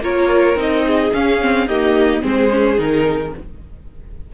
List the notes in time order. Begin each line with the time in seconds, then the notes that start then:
0.00 A#3 F4 A#4 C#5
0.55 C4 D#4 D#5
0.86 G#4
1.13 C#4 F5
1.41 C4
1.66 A#3 D#4 G4 D#5
2.22 G#3 C4 G#4 C5
2.50 C#4
2.77 D#3 D#4 A#4